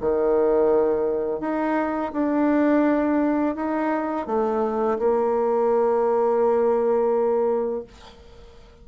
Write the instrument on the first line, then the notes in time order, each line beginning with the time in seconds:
bassoon
0.00 D#3
1.40 D#4
2.12 D4
3.55 D#4
4.26 A3
4.98 A#3